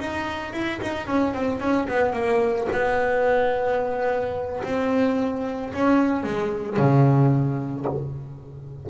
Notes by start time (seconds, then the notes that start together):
0.00 D#4
0.53 E4
0.82 D#4
1.07 C#4
1.34 C4
1.60 C#4
1.88 B3
2.13 A#3
2.72 B3
4.64 C4
5.73 C#4
6.24 G#3
6.77 C#3